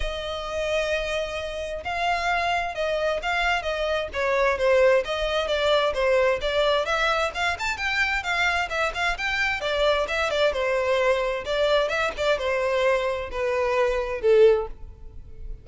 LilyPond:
\new Staff \with { instrumentName = "violin" } { \time 4/4 \tempo 4 = 131 dis''1 | f''2 dis''4 f''4 | dis''4 cis''4 c''4 dis''4 | d''4 c''4 d''4 e''4 |
f''8 a''8 g''4 f''4 e''8 f''8 | g''4 d''4 e''8 d''8 c''4~ | c''4 d''4 e''8 d''8 c''4~ | c''4 b'2 a'4 | }